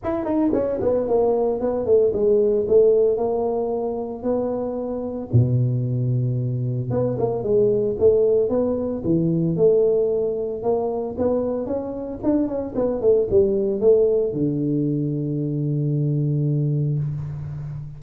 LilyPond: \new Staff \with { instrumentName = "tuba" } { \time 4/4 \tempo 4 = 113 e'8 dis'8 cis'8 b8 ais4 b8 a8 | gis4 a4 ais2 | b2 b,2~ | b,4 b8 ais8 gis4 a4 |
b4 e4 a2 | ais4 b4 cis'4 d'8 cis'8 | b8 a8 g4 a4 d4~ | d1 | }